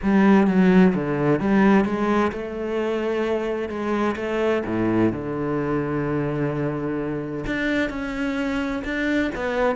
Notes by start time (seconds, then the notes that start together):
0.02 G3
0.47 F#3
0.94 D3
1.40 G3
1.85 G#3
2.32 A3
3.68 G#3
4.16 A3
4.66 A2
5.12 D3
7.46 D4
7.89 C#4
8.84 D4
9.35 B3